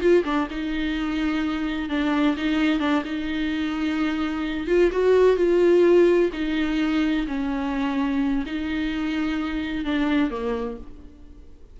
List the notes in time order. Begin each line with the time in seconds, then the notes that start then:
0.00 F4
0.24 D4
0.50 D#4
1.89 D4
2.37 D#4
2.79 D4
3.04 D#4
4.67 F4
4.91 F#4
5.36 F4
6.33 D#4
7.27 C#4
8.46 D#4
9.84 D4
10.30 A#3